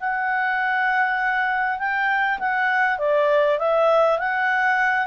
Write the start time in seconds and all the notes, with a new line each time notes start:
0.00 F#5
1.79 G5
2.39 F#5
2.98 D5
3.59 E5
4.19 F#5